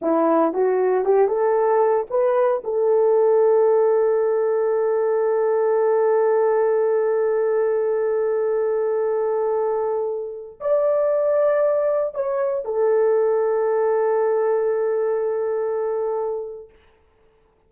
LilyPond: \new Staff \with { instrumentName = "horn" } { \time 4/4 \tempo 4 = 115 e'4 fis'4 g'8 a'4. | b'4 a'2.~ | a'1~ | a'1~ |
a'1~ | a'16 d''2. cis''8.~ | cis''16 a'2.~ a'8.~ | a'1 | }